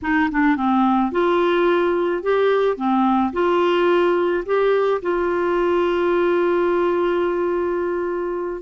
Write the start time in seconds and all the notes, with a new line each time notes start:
0.02 D#4
0.31 D4
0.56 C4
1.11 F4
2.22 G4
2.77 C4
3.32 F4
4.45 G4
5.02 F4